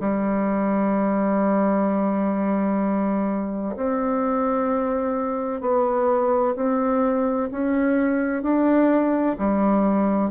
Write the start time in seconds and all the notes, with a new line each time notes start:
0.00 G3
3.76 C4
5.60 B3
6.55 C4
7.51 C#4
8.42 D4
9.38 G3